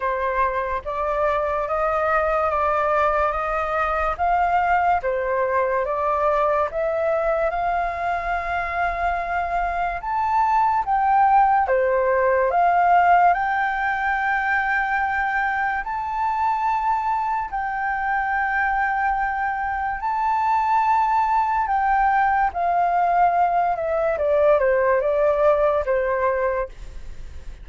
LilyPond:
\new Staff \with { instrumentName = "flute" } { \time 4/4 \tempo 4 = 72 c''4 d''4 dis''4 d''4 | dis''4 f''4 c''4 d''4 | e''4 f''2. | a''4 g''4 c''4 f''4 |
g''2. a''4~ | a''4 g''2. | a''2 g''4 f''4~ | f''8 e''8 d''8 c''8 d''4 c''4 | }